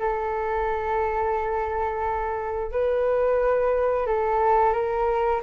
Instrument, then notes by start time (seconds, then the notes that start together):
flute
0.00 A4
2.72 B4
4.07 A4
4.73 A#4